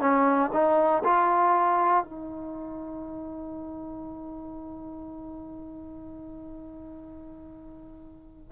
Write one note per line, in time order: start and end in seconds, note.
0.00 0.50 C#4
0.53 1.03 D#4
1.04 2.04 F4
2.04 8.52 D#4